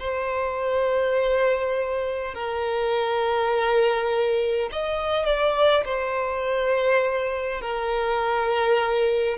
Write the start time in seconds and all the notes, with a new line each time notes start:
0.00 C5
2.35 A#4
4.73 D#5
5.26 D5
5.86 C5
7.61 A#4